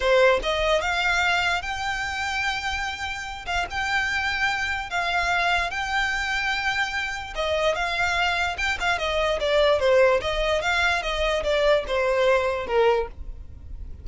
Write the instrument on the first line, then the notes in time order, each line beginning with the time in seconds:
violin
0.00 C5
0.42 D#5
0.81 F5
1.61 G5
3.45 F5
3.70 G5
4.89 F5
5.70 G5
7.35 D#5
7.75 F5
8.57 G5
8.80 F5
8.98 D#5
9.40 D5
9.79 C5
10.21 D#5
10.61 F5
11.02 D#5
11.43 D5
11.87 C5
12.66 A#4